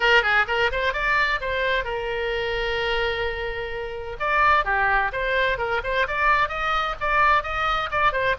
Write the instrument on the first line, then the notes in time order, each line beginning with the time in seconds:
oboe
0.00 A#4
0.22 G#4
0.47 A#4
0.71 C5
0.93 D5
1.40 C5
1.84 A#4
4.19 D5
4.64 G4
5.12 C5
5.58 A#4
5.83 C5
6.07 D5
6.48 D#5
7.00 D5
7.43 D#5
7.91 D5
8.12 C5